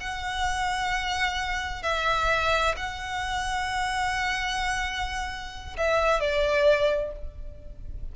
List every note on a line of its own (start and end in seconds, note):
0.00 1.83 F#5
1.83 2.75 E5
2.77 5.77 F#5
5.77 6.20 E5
6.20 7.12 D5